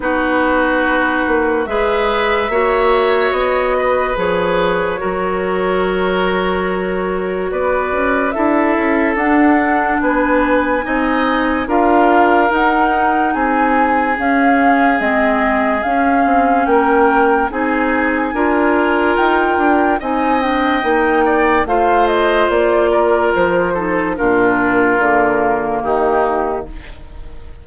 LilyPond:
<<
  \new Staff \with { instrumentName = "flute" } { \time 4/4 \tempo 4 = 72 b'2 e''2 | dis''4 cis''2.~ | cis''4 d''4 e''4 fis''4 | gis''2 f''4 fis''4 |
gis''4 f''4 dis''4 f''4 | g''4 gis''2 g''4 | gis''8 g''4. f''8 dis''8 d''4 | c''4 ais'2 g'4 | }
  \new Staff \with { instrumentName = "oboe" } { \time 4/4 fis'2 b'4 cis''4~ | cis''8 b'4. ais'2~ | ais'4 b'4 a'2 | b'4 dis''4 ais'2 |
gis'1 | ais'4 gis'4 ais'2 | dis''4. d''8 c''4. ais'8~ | ais'8 a'8 f'2 dis'4 | }
  \new Staff \with { instrumentName = "clarinet" } { \time 4/4 dis'2 gis'4 fis'4~ | fis'4 gis'4 fis'2~ | fis'2 e'4 d'4~ | d'4 dis'4 f'4 dis'4~ |
dis'4 cis'4 c'4 cis'4~ | cis'4 dis'4 f'2 | dis'8 d'8 dis'4 f'2~ | f'8 dis'8 d'4 ais2 | }
  \new Staff \with { instrumentName = "bassoon" } { \time 4/4 b4. ais8 gis4 ais4 | b4 f4 fis2~ | fis4 b8 cis'8 d'8 cis'8 d'4 | b4 c'4 d'4 dis'4 |
c'4 cis'4 gis4 cis'8 c'8 | ais4 c'4 d'4 dis'8 d'8 | c'4 ais4 a4 ais4 | f4 ais,4 d4 dis4 | }
>>